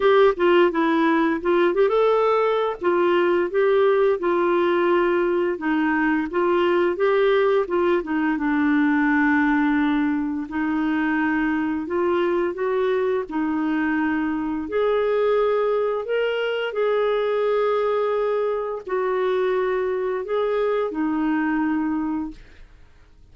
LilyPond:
\new Staff \with { instrumentName = "clarinet" } { \time 4/4 \tempo 4 = 86 g'8 f'8 e'4 f'8 g'16 a'4~ a'16 | f'4 g'4 f'2 | dis'4 f'4 g'4 f'8 dis'8 | d'2. dis'4~ |
dis'4 f'4 fis'4 dis'4~ | dis'4 gis'2 ais'4 | gis'2. fis'4~ | fis'4 gis'4 dis'2 | }